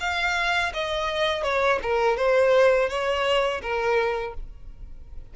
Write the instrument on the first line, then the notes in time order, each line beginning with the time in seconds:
violin
0.00 F5
0.74 D#5
1.43 C#5
1.82 A#4
2.17 C5
2.89 C#5
3.62 A#4